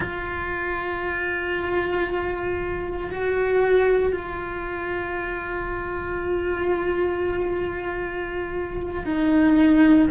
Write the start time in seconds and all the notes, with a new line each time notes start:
0.00 F4
3.10 F#4
4.12 F4
9.05 D#4